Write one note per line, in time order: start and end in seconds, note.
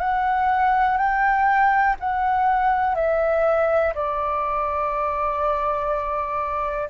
0.00 0.97 F#5
0.97 1.96 G5
2.00 2.95 F#5
2.95 3.93 E5
3.95 6.90 D5